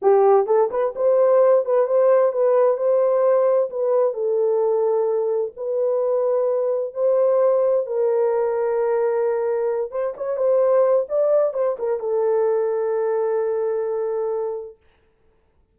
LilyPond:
\new Staff \with { instrumentName = "horn" } { \time 4/4 \tempo 4 = 130 g'4 a'8 b'8 c''4. b'8 | c''4 b'4 c''2 | b'4 a'2. | b'2. c''4~ |
c''4 ais'2.~ | ais'4. c''8 cis''8 c''4. | d''4 c''8 ais'8 a'2~ | a'1 | }